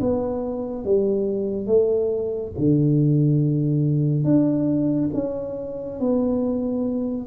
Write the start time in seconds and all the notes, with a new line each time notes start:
0.00 B3
0.85 G3
1.66 A3
2.58 D3
4.24 D4
5.14 C#4
6.00 B3